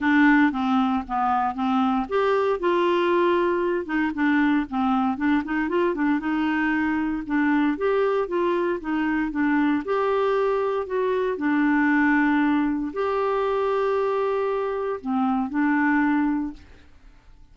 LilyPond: \new Staff \with { instrumentName = "clarinet" } { \time 4/4 \tempo 4 = 116 d'4 c'4 b4 c'4 | g'4 f'2~ f'8 dis'8 | d'4 c'4 d'8 dis'8 f'8 d'8 | dis'2 d'4 g'4 |
f'4 dis'4 d'4 g'4~ | g'4 fis'4 d'2~ | d'4 g'2.~ | g'4 c'4 d'2 | }